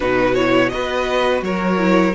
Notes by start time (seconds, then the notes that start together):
0.00 B2 D#4 F#4 B4
0.34 E4 C#5
0.69 B3 F#4 B4 D#5
1.42 F#3 A#4 C#5
1.78 E4